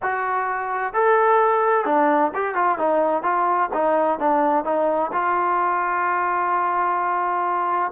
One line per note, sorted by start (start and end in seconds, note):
0.02 0.93 F#4
0.93 1.85 A4
1.85 2.31 D4
2.34 2.55 G4
2.55 2.78 F4
2.78 3.23 D#4
3.23 3.69 F4
3.73 4.19 D#4
4.19 4.64 D4
4.64 5.11 D#4
5.12 7.91 F4